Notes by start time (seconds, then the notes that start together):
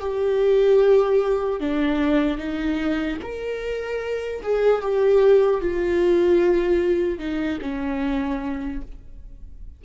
0.00 G4
1.60 D4
2.38 D#4
3.22 A#4
4.42 G#4
4.81 G4
5.61 F4
7.19 D#4
7.61 C#4